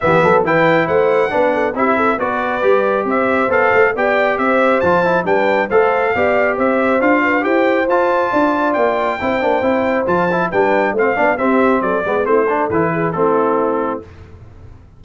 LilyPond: <<
  \new Staff \with { instrumentName = "trumpet" } { \time 4/4 \tempo 4 = 137 e''4 g''4 fis''2 | e''4 d''2 e''4 | f''4 g''4 e''4 a''4 | g''4 f''2 e''4 |
f''4 g''4 a''2 | g''2. a''4 | g''4 f''4 e''4 d''4 | c''4 b'4 a'2 | }
  \new Staff \with { instrumentName = "horn" } { \time 4/4 g'8 a'8 b'4 c''4 b'8 a'8 | g'8 a'8 b'2 c''4~ | c''4 d''4 c''2 | b'4 c''4 d''4 c''4~ |
c''8 b'8 c''2 d''4~ | d''4 c''2. | b'4 c''8 d''8 g'4 a'8 b'8 | e'8 a'4 gis'8 e'2 | }
  \new Staff \with { instrumentName = "trombone" } { \time 4/4 b4 e'2 d'4 | e'4 fis'4 g'2 | a'4 g'2 f'8 e'8 | d'4 a'4 g'2 |
f'4 g'4 f'2~ | f'4 e'8 d'8 e'4 f'8 e'8 | d'4 c'8 d'8 c'4. b8 | c'8 d'8 e'4 c'2 | }
  \new Staff \with { instrumentName = "tuba" } { \time 4/4 e8 fis8 e4 a4 b4 | c'4 b4 g4 c'4 | b8 a8 b4 c'4 f4 | g4 a4 b4 c'4 |
d'4 e'4 f'4 d'4 | ais4 c'8 ais8 c'4 f4 | g4 a8 b8 c'4 fis8 gis8 | a4 e4 a2 | }
>>